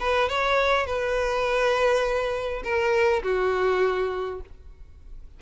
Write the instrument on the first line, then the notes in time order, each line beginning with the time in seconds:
violin
0.00 B4
0.29 C#5
0.86 B4
2.64 A#4
3.23 F#4